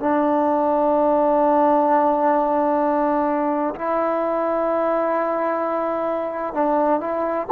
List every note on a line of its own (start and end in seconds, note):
0.00 3.75 D4
3.75 6.54 E4
6.54 7.01 D4
7.01 7.47 E4